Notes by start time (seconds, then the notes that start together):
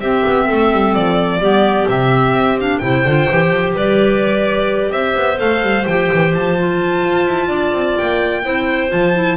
0.00 C4 G4 E5
0.26 B3
0.45 A4
0.51 A3
0.72 G3
0.94 F3 D5
1.39 G3 B3 G4
1.87 C3 C4 E5
2.33 C4
2.59 D4 F5
2.78 C3 E4 C5 G5
3.04 D3 F4
3.30 E3 G4
3.50 F3
3.73 G3 B4 D5
4.91 C4 C5 E5
5.16 B3
5.36 A3 A4 F5
5.62 G3
5.87 F3 G4 G5
6.13 E3
6.33 F3 A5
6.58 F4
7.03 F4
7.26 E4
7.48 D4 D5
7.72 C4
7.97 A#3 G5
8.43 C4 E4 C5
8.88 F3 F4 A5
9.14 E4